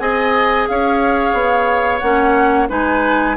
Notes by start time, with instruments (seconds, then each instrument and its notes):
0.00 bassoon C4, clarinet G#4, oboe D#5, flute G#5
0.68 bassoon C#4, oboe C#5, flute F5
1.33 bassoon B3
2.00 bassoon A#3, clarinet C#4, flute F#5
2.69 bassoon G#3, clarinet D#4, oboe B4, flute G#5